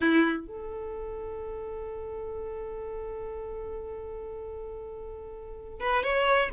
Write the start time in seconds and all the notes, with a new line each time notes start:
0.00 E4
0.47 A4
5.80 B4
6.03 C#5